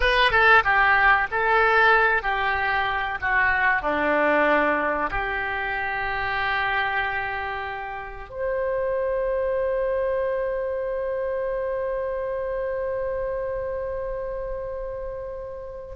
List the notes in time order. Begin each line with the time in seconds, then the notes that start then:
0.00 B4
0.31 A4
0.64 G4
1.31 A4
2.22 G4
3.21 F#4
3.82 D4
5.10 G4
8.29 C5